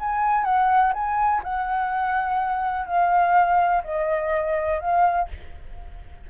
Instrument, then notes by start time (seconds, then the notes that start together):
flute
0.00 G#5
0.45 F#5
0.94 G#5
1.44 F#5
2.87 F5
3.84 D#5
4.81 F5